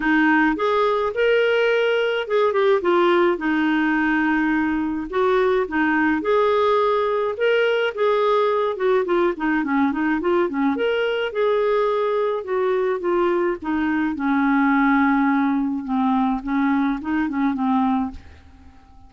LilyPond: \new Staff \with { instrumentName = "clarinet" } { \time 4/4 \tempo 4 = 106 dis'4 gis'4 ais'2 | gis'8 g'8 f'4 dis'2~ | dis'4 fis'4 dis'4 gis'4~ | gis'4 ais'4 gis'4. fis'8 |
f'8 dis'8 cis'8 dis'8 f'8 cis'8 ais'4 | gis'2 fis'4 f'4 | dis'4 cis'2. | c'4 cis'4 dis'8 cis'8 c'4 | }